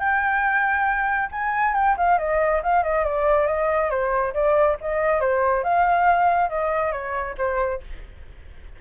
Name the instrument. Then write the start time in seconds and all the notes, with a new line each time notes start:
flute
0.00 G5
1.32 G#5
1.75 G5
1.98 F5
2.19 D#5
2.63 F5
2.84 D#5
3.05 D5
3.47 D#5
3.90 C5
4.34 D5
4.81 D#5
5.21 C5
5.64 F5
6.49 D#5
6.93 C#5
7.38 C5